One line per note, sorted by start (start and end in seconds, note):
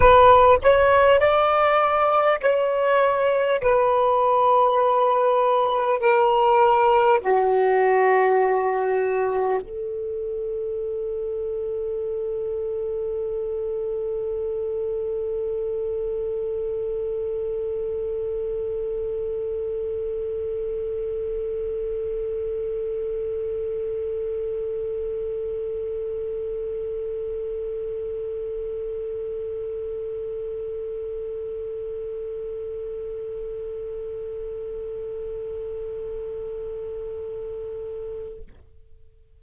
0.00 0.58 B4
0.62 1.19 C#5
1.19 2.39 D5
2.41 3.61 C#5
3.61 5.99 B4
5.99 7.19 A#4
7.20 9.60 F#4
9.62 38.42 A4